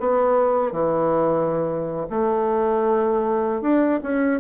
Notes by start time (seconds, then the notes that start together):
0.00 B3
0.72 E3
2.10 A3
3.62 D4
4.03 C#4